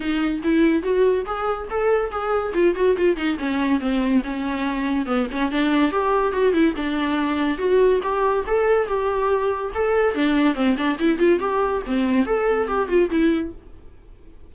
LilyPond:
\new Staff \with { instrumentName = "viola" } { \time 4/4 \tempo 4 = 142 dis'4 e'4 fis'4 gis'4 | a'4 gis'4 f'8 fis'8 f'8 dis'8 | cis'4 c'4 cis'2 | b8 cis'8 d'4 g'4 fis'8 e'8 |
d'2 fis'4 g'4 | a'4 g'2 a'4 | d'4 c'8 d'8 e'8 f'8 g'4 | c'4 a'4 g'8 f'8 e'4 | }